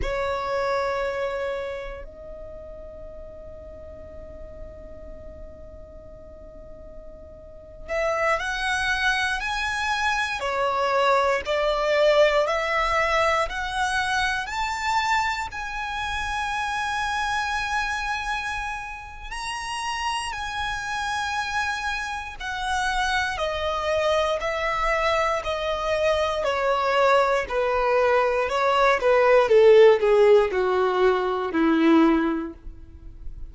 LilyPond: \new Staff \with { instrumentName = "violin" } { \time 4/4 \tempo 4 = 59 cis''2 dis''2~ | dis''2.~ dis''8. e''16~ | e''16 fis''4 gis''4 cis''4 d''8.~ | d''16 e''4 fis''4 a''4 gis''8.~ |
gis''2. ais''4 | gis''2 fis''4 dis''4 | e''4 dis''4 cis''4 b'4 | cis''8 b'8 a'8 gis'8 fis'4 e'4 | }